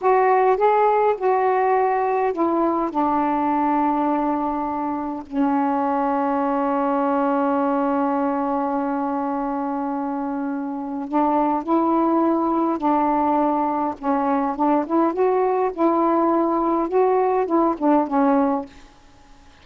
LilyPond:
\new Staff \with { instrumentName = "saxophone" } { \time 4/4 \tempo 4 = 103 fis'4 gis'4 fis'2 | e'4 d'2.~ | d'4 cis'2.~ | cis'1~ |
cis'2. d'4 | e'2 d'2 | cis'4 d'8 e'8 fis'4 e'4~ | e'4 fis'4 e'8 d'8 cis'4 | }